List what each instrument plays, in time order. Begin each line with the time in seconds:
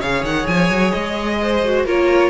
0.00 cello C#3, viola G#4, violin C#5 F5
0.23 cello D#3, violin F#5
0.47 cello F3, violin G#5
0.70 cello F#3
0.92 cello G#3, violin D#5
1.42 violin C5
1.65 viola F#4
1.85 cello A#3, viola F4, violin A#4 C#5